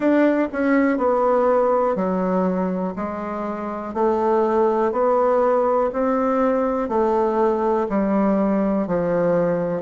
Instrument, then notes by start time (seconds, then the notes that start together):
bassoon
0.00 D4
0.52 C#4
0.97 B3
1.95 F#3
2.96 G#3
3.93 A3
4.92 B3
5.92 C4
6.89 A3
7.89 G3
8.87 F3